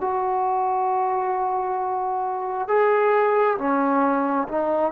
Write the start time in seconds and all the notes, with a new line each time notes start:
0.00 F#4
2.67 G#4
3.58 C#4
4.48 D#4